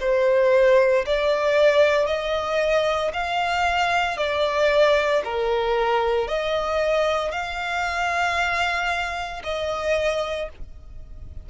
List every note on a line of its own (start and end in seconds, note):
0.00 1.05 C5
1.06 2.06 D5
2.06 3.11 D#5
3.13 4.17 F5
4.17 5.22 D5
5.24 6.28 A#4
6.28 7.32 D#5
7.32 9.42 F5
9.44 10.49 D#5